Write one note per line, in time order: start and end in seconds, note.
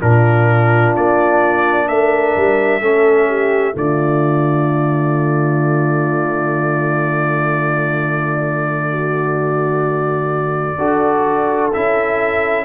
0.00 0.96 A#2
0.00 2.81 D4
0.00 1.89 F4
0.00 0.96 A#4
0.97 1.89 A#3
0.97 1.88 D5
1.88 2.36 A3
1.88 2.82 A#4
1.88 3.76 E5
2.37 2.81 G3
2.81 3.75 A3
2.81 3.73 C#4
2.81 3.29 A4
3.29 3.75 G4
3.73 10.79 D3
3.73 10.76 A3
3.73 8.91 F4
3.73 11.74 D5
8.91 10.79 F#4
10.79 11.72 D4
10.79 11.72 F#4
10.79 12.65 A4
11.74 12.65 C#4
11.74 12.65 E4
11.74 12.65 E5